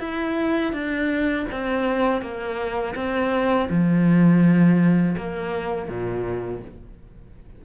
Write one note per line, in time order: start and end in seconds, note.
0.00 0.73 E4
0.73 1.46 D4
1.52 2.22 C4
2.22 2.95 A#3
2.96 3.69 C4
3.70 5.17 F3
5.18 5.89 A#3
5.89 6.62 A#2